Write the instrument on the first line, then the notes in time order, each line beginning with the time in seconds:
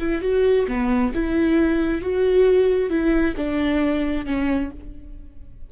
viola
0.00 E4
0.22 F#4
0.68 B3
1.15 E4
2.02 F#4
2.90 E4
3.37 D4
4.26 C#4